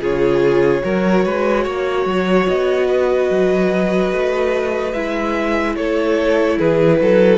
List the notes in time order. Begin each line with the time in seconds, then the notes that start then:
0.00 C#3 F4 G#4 C#5
0.82 F#3 F#4 A#4
1.25 G#3 B4
1.64 A#3 C#5
2.06 F#3
2.48 B3 D#5
2.87 B4
3.30 F#3
4.12 A3
4.93 G#3 E4 E5
5.76 A3 A4 C#5
6.58 E3 G#4 B4
7.01 F#3 A4